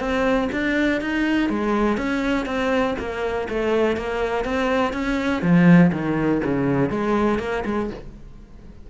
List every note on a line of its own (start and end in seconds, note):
0.00 0.49 C4
0.53 1.01 D4
1.01 1.50 D#4
1.50 1.98 G#3
1.98 2.46 C#4
2.46 2.95 C4
2.99 3.48 A#3
3.49 3.97 A3
3.97 4.45 A#3
4.45 4.93 C4
4.93 5.42 C#4
5.42 5.92 F3
5.92 6.42 D#3
6.44 6.90 C#3
6.90 7.39 G#3
7.39 7.64 A#3
7.66 7.90 G#3